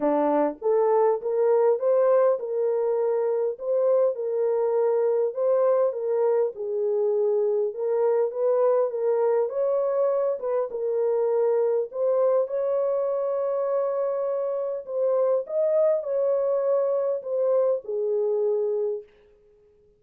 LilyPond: \new Staff \with { instrumentName = "horn" } { \time 4/4 \tempo 4 = 101 d'4 a'4 ais'4 c''4 | ais'2 c''4 ais'4~ | ais'4 c''4 ais'4 gis'4~ | gis'4 ais'4 b'4 ais'4 |
cis''4. b'8 ais'2 | c''4 cis''2.~ | cis''4 c''4 dis''4 cis''4~ | cis''4 c''4 gis'2 | }